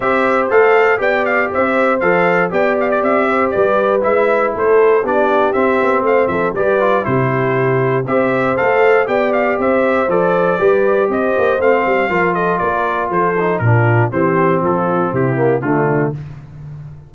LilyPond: <<
  \new Staff \with { instrumentName = "trumpet" } { \time 4/4 \tempo 4 = 119 e''4 f''4 g''8 f''8 e''4 | f''4 g''8 f''16 d''16 e''4 d''4 | e''4 c''4 d''4 e''4 | f''8 e''8 d''4 c''2 |
e''4 f''4 g''8 f''8 e''4 | d''2 dis''4 f''4~ | f''8 dis''8 d''4 c''4 ais'4 | c''4 a'4 g'4 f'4 | }
  \new Staff \with { instrumentName = "horn" } { \time 4/4 c''2 d''4 c''4~ | c''4 d''4. c''8 b'4~ | b'4 a'4 g'2 | c''8 a'8 b'4 g'2 |
c''2 d''4 c''4~ | c''4 b'4 c''2 | ais'8 a'8 ais'4 a'4 f'4 | g'4 f'4 e'4 d'4 | }
  \new Staff \with { instrumentName = "trombone" } { \time 4/4 g'4 a'4 g'2 | a'4 g'2. | e'2 d'4 c'4~ | c'4 g'8 f'8 e'2 |
g'4 a'4 g'2 | a'4 g'2 c'4 | f'2~ f'8 dis'8 d'4 | c'2~ c'8 ais8 a4 | }
  \new Staff \with { instrumentName = "tuba" } { \time 4/4 c'4 a4 b4 c'4 | f4 b4 c'4 g4 | gis4 a4 b4 c'8 b8 | a8 f8 g4 c2 |
c'4 a4 b4 c'4 | f4 g4 c'8 ais8 a8 g8 | f4 ais4 f4 ais,4 | e4 f4 c4 d4 | }
>>